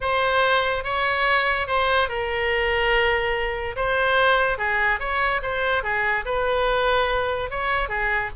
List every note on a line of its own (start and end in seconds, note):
0.00 0.84 C5
0.84 1.67 C#5
1.67 2.08 C5
2.09 3.75 A#4
3.76 4.58 C5
4.58 4.99 G#4
4.99 5.41 C#5
5.42 5.83 C5
5.83 6.24 G#4
6.25 7.50 B4
7.50 7.88 C#5
7.88 8.30 G#4